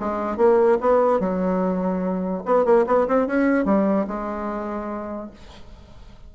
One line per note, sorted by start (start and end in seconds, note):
0.00 0.37 G#3
0.37 0.78 A#3
0.81 1.20 B3
1.20 2.43 F#3
2.46 2.65 B3
2.65 2.86 A#3
2.87 3.07 B3
3.08 3.27 C4
3.27 3.65 C#4
3.65 4.06 G3
4.07 5.31 G#3